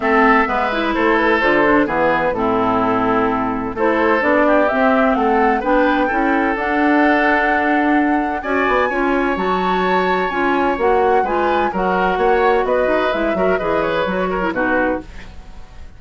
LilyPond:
<<
  \new Staff \with { instrumentName = "flute" } { \time 4/4 \tempo 4 = 128 e''2 c''8 b'8 c''4 | b'4 a'2. | c''4 d''4 e''4 fis''4 | g''2 fis''2~ |
fis''2 gis''2 | a''2 gis''4 fis''4 | gis''4 fis''2 dis''4 | e''4 dis''8 cis''4. b'4 | }
  \new Staff \with { instrumentName = "oboe" } { \time 4/4 a'4 b'4 a'2 | gis'4 e'2. | a'4. g'4. a'4 | b'4 a'2.~ |
a'2 d''4 cis''4~ | cis''1 | b'4 ais'4 cis''4 b'4~ | b'8 ais'8 b'4. ais'8 fis'4 | }
  \new Staff \with { instrumentName = "clarinet" } { \time 4/4 c'4 b8 e'4. f'8 d'8 | b4 c'2. | e'4 d'4 c'2 | d'4 e'4 d'2~ |
d'2 fis'4 f'4 | fis'2 f'4 fis'4 | f'4 fis'2. | e'8 fis'8 gis'4 fis'8. e'16 dis'4 | }
  \new Staff \with { instrumentName = "bassoon" } { \time 4/4 a4 gis4 a4 d4 | e4 a,2. | a4 b4 c'4 a4 | b4 cis'4 d'2~ |
d'2 cis'8 b8 cis'4 | fis2 cis'4 ais4 | gis4 fis4 ais4 b8 dis'8 | gis8 fis8 e4 fis4 b,4 | }
>>